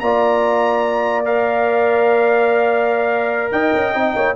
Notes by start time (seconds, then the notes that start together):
0.00 A#3 F4 D5 A#5
1.25 A#4 F5
3.52 D#4 D#5 G5
3.74 C#4
3.95 C4 D#4
4.16 A#3 C#5